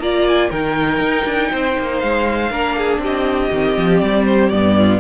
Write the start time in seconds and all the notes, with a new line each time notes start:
0.00 A#3 F4 D5 A#5
0.28 G#5
0.50 D#3 D#4 A#4 G5
1.00 D#4
1.25 D4
1.52 C4 C5
1.79 A#3
2.00 G#3 F5
2.51 A#3 D4 A#4
2.77 G#4
2.99 C4 G4 D#5
3.52 D#3 C4
3.77 F3
4.00 G3 D5
4.26 C5
4.50 G2 B3 D5
4.77 F4